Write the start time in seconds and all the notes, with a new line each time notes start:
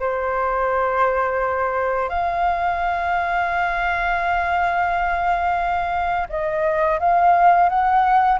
0.00 C5
2.09 F5
6.29 D#5
7.00 F5
7.69 F#5